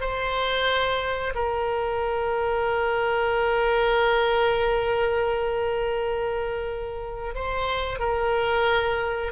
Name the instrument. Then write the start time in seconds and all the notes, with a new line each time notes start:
oboe
0.00 C5
1.35 A#4
7.35 C5
7.99 A#4